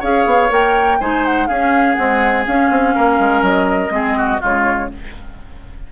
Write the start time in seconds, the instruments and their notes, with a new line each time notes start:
0.00 bassoon C#4, clarinet G#4, oboe C#5, flute F5
0.26 bassoon B3
0.49 bassoon A#3, clarinet A#4, flute G5
1.00 bassoon G#3, clarinet D#4, oboe C5, flute G#5
1.26 flute F#5
1.47 bassoon C#4, clarinet C#4, oboe G#4, flute F5
1.95 clarinet G#3, bassoon C4, flute F#5
2.47 clarinet C#4, bassoon C#4, flute F5
2.70 bassoon C4
2.95 bassoon A#3, oboe A#4
3.19 bassoon G#3
3.42 bassoon F#3, flute D#5
3.90 bassoon G#3, clarinet C4, oboe G#4
4.18 oboe F#4
4.40 bassoon C#3, clarinet G#3, oboe F4, flute C#5